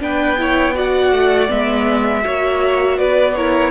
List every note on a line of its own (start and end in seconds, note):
0.00 1.12 B3
0.00 0.37 D4
0.00 0.40 B4
0.00 0.77 G5
0.38 0.74 E4
0.38 0.75 C#5
0.74 1.48 F#4
0.74 2.23 D5
0.74 1.51 F#5
1.12 1.49 A3
1.48 2.25 G#3
1.48 2.22 B3
1.48 2.98 E5
2.22 2.99 A#3
2.22 3.33 F#4
2.22 2.98 C#5
2.98 3.71 B3
2.98 3.35 B4
2.98 3.35 D5
3.35 3.71 E4
3.35 3.71 A#4
3.35 3.71 C#5